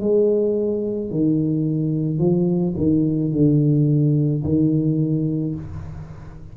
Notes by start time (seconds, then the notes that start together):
0.00 G#3
1.10 D#3
2.18 F3
2.77 D#3
3.32 D3
4.43 D#3